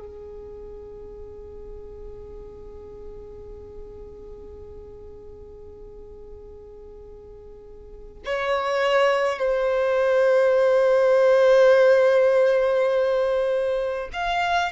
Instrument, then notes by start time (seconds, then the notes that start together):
violin
0.00 G#4
8.26 C#5
9.39 C5
14.13 F5